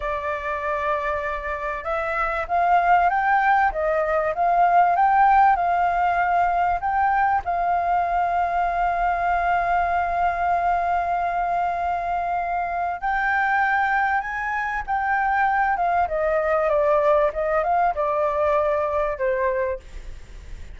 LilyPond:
\new Staff \with { instrumentName = "flute" } { \time 4/4 \tempo 4 = 97 d''2. e''4 | f''4 g''4 dis''4 f''4 | g''4 f''2 g''4 | f''1~ |
f''1~ | f''4 g''2 gis''4 | g''4. f''8 dis''4 d''4 | dis''8 f''8 d''2 c''4 | }